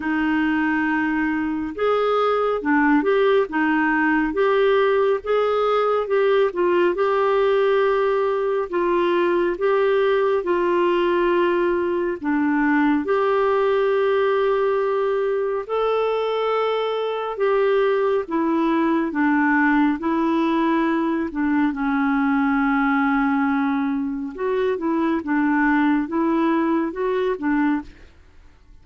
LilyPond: \new Staff \with { instrumentName = "clarinet" } { \time 4/4 \tempo 4 = 69 dis'2 gis'4 d'8 g'8 | dis'4 g'4 gis'4 g'8 f'8 | g'2 f'4 g'4 | f'2 d'4 g'4~ |
g'2 a'2 | g'4 e'4 d'4 e'4~ | e'8 d'8 cis'2. | fis'8 e'8 d'4 e'4 fis'8 d'8 | }